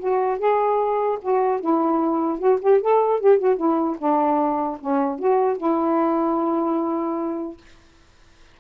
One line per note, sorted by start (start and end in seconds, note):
0.00 0.39 F#4
0.39 1.19 G#4
1.22 1.61 F#4
1.61 2.39 E4
2.39 2.59 F#4
2.61 2.81 G4
2.81 3.21 A4
3.21 3.39 G4
3.39 3.57 F#4
3.57 3.97 E4
3.99 4.79 D4
4.81 5.20 C#4
5.20 5.58 F#4
5.58 7.58 E4